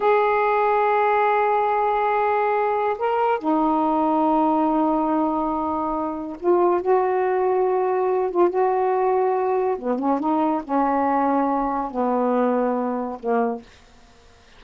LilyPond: \new Staff \with { instrumentName = "saxophone" } { \time 4/4 \tempo 4 = 141 gis'1~ | gis'2. ais'4 | dis'1~ | dis'2. f'4 |
fis'2.~ fis'8 f'8 | fis'2. b8 cis'8 | dis'4 cis'2. | b2. ais4 | }